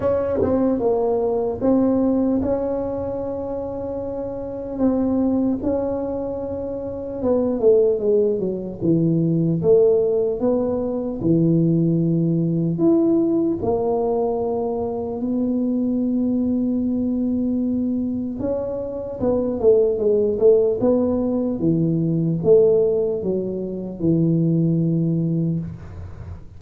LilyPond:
\new Staff \with { instrumentName = "tuba" } { \time 4/4 \tempo 4 = 75 cis'8 c'8 ais4 c'4 cis'4~ | cis'2 c'4 cis'4~ | cis'4 b8 a8 gis8 fis8 e4 | a4 b4 e2 |
e'4 ais2 b4~ | b2. cis'4 | b8 a8 gis8 a8 b4 e4 | a4 fis4 e2 | }